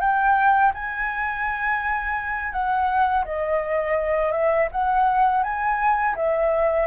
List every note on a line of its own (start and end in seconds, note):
0.00 0.72 G5
0.74 2.52 G#5
2.52 3.24 F#5
3.24 4.32 D#5
4.32 4.68 E5
4.71 5.43 F#5
5.43 6.15 G#5
6.15 6.87 E5